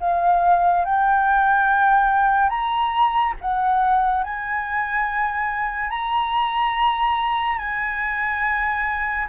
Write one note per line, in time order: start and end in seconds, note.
0.00 0.85 F5
0.85 2.49 G5
2.49 3.33 A#5
3.41 4.23 F#5
4.23 5.89 G#5
5.89 7.58 A#5
7.58 9.27 G#5